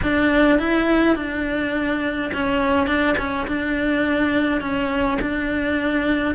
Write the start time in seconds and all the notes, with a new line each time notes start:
0.02 D4
0.58 E4
1.15 D4
2.33 C#4
2.86 D4
3.17 C#4
3.47 D4
4.60 C#4
5.21 D4